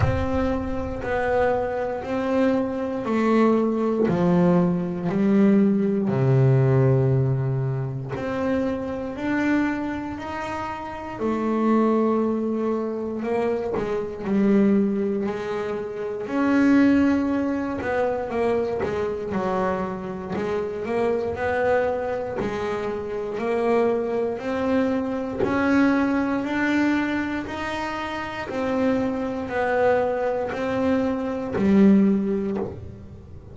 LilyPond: \new Staff \with { instrumentName = "double bass" } { \time 4/4 \tempo 4 = 59 c'4 b4 c'4 a4 | f4 g4 c2 | c'4 d'4 dis'4 a4~ | a4 ais8 gis8 g4 gis4 |
cis'4. b8 ais8 gis8 fis4 | gis8 ais8 b4 gis4 ais4 | c'4 cis'4 d'4 dis'4 | c'4 b4 c'4 g4 | }